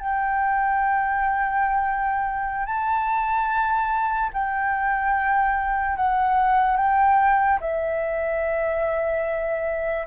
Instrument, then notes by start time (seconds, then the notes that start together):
flute
0.00 G5
2.66 A5
4.34 G5
5.97 F#5
6.77 G5
7.61 E5